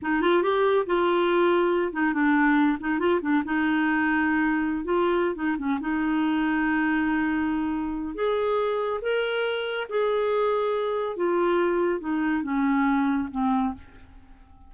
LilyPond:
\new Staff \with { instrumentName = "clarinet" } { \time 4/4 \tempo 4 = 140 dis'8 f'8 g'4 f'2~ | f'8 dis'8 d'4. dis'8 f'8 d'8 | dis'2.~ dis'16 f'8.~ | f'8 dis'8 cis'8 dis'2~ dis'8~ |
dis'2. gis'4~ | gis'4 ais'2 gis'4~ | gis'2 f'2 | dis'4 cis'2 c'4 | }